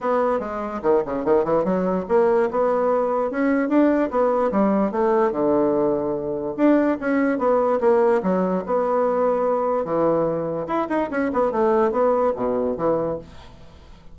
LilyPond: \new Staff \with { instrumentName = "bassoon" } { \time 4/4 \tempo 4 = 146 b4 gis4 dis8 cis8 dis8 e8 | fis4 ais4 b2 | cis'4 d'4 b4 g4 | a4 d2. |
d'4 cis'4 b4 ais4 | fis4 b2. | e2 e'8 dis'8 cis'8 b8 | a4 b4 b,4 e4 | }